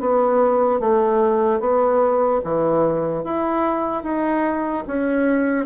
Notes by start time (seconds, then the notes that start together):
0.00 B3
0.80 A3
1.60 B3
2.44 E3
3.24 E4
4.03 D#4
4.87 C#4